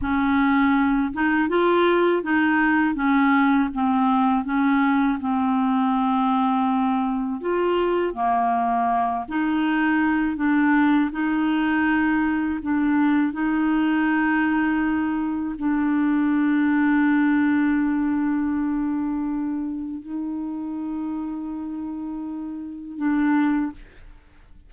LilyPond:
\new Staff \with { instrumentName = "clarinet" } { \time 4/4 \tempo 4 = 81 cis'4. dis'8 f'4 dis'4 | cis'4 c'4 cis'4 c'4~ | c'2 f'4 ais4~ | ais8 dis'4. d'4 dis'4~ |
dis'4 d'4 dis'2~ | dis'4 d'2.~ | d'2. dis'4~ | dis'2. d'4 | }